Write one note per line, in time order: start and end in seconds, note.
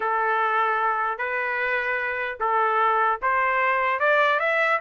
0.00 1.18 A4
1.18 2.38 B4
2.40 3.20 A4
3.21 3.99 C5
3.99 4.39 D5
4.39 4.79 E5